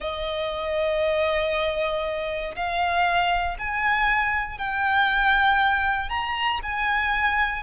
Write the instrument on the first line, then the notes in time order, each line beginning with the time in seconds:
violin
0.00 D#5
2.55 F5
3.58 G#5
4.58 G5
6.09 A#5
6.62 G#5